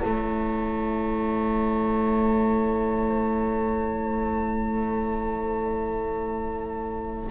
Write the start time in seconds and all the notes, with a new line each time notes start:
0.00 A3 E4 C#5 A5